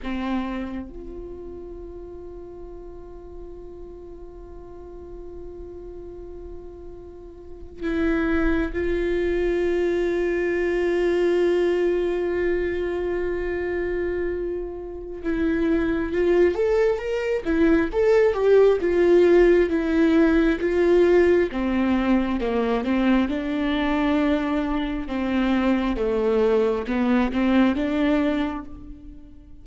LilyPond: \new Staff \with { instrumentName = "viola" } { \time 4/4 \tempo 4 = 67 c'4 f'2.~ | f'1~ | f'8. e'4 f'2~ f'16~ | f'1~ |
f'4 e'4 f'8 a'8 ais'8 e'8 | a'8 g'8 f'4 e'4 f'4 | c'4 ais8 c'8 d'2 | c'4 a4 b8 c'8 d'4 | }